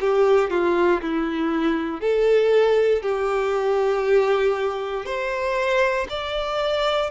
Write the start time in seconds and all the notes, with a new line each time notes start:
0.00 G4
0.49 F4
1.01 E4
2.00 A4
3.02 G4
5.05 C5
6.09 D5